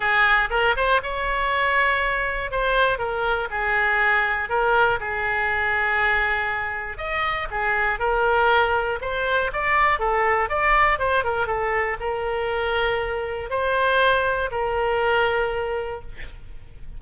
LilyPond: \new Staff \with { instrumentName = "oboe" } { \time 4/4 \tempo 4 = 120 gis'4 ais'8 c''8 cis''2~ | cis''4 c''4 ais'4 gis'4~ | gis'4 ais'4 gis'2~ | gis'2 dis''4 gis'4 |
ais'2 c''4 d''4 | a'4 d''4 c''8 ais'8 a'4 | ais'2. c''4~ | c''4 ais'2. | }